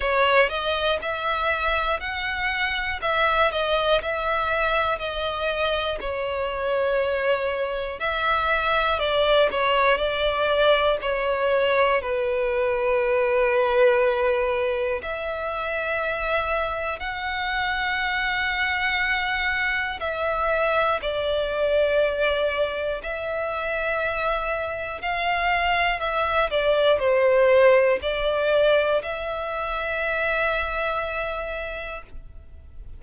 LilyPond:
\new Staff \with { instrumentName = "violin" } { \time 4/4 \tempo 4 = 60 cis''8 dis''8 e''4 fis''4 e''8 dis''8 | e''4 dis''4 cis''2 | e''4 d''8 cis''8 d''4 cis''4 | b'2. e''4~ |
e''4 fis''2. | e''4 d''2 e''4~ | e''4 f''4 e''8 d''8 c''4 | d''4 e''2. | }